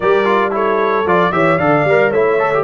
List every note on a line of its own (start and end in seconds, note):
0.00 1.05 G3
0.00 0.24 G4
0.00 0.52 A#4
0.00 0.53 D5
0.24 0.50 F4
0.50 1.03 E4
0.50 1.33 A4
0.50 1.07 C#5
1.05 1.31 F3
1.05 1.32 F4
1.05 1.32 D5
1.32 1.59 E3
1.32 1.58 G4
1.32 1.57 C#5
1.32 1.58 E5
1.57 1.84 D3
1.57 1.86 A4
1.57 2.10 D5
1.57 2.11 F5
1.84 2.11 G3
1.84 2.14 A#4
2.10 2.64 A3
2.10 2.39 E4
2.10 2.63 C#5
2.10 2.64 E5
2.39 2.52 A4
2.53 2.64 G4